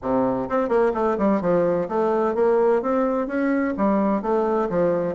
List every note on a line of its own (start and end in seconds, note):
0.02 0.49 C3
0.49 0.68 C4
0.68 0.92 A#3
0.94 1.17 A3
1.18 1.41 G3
1.41 1.87 F3
1.88 2.35 A3
2.35 2.81 A#3
2.82 3.27 C4
3.27 3.74 C#4
3.77 4.21 G3
4.21 4.68 A3
4.69 5.15 F3